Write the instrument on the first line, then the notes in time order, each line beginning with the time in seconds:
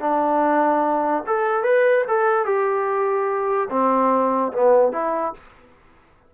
trombone
0.00 D4
1.26 A4
1.63 B4
2.08 A4
2.45 G4
3.70 C4
4.52 B3
4.92 E4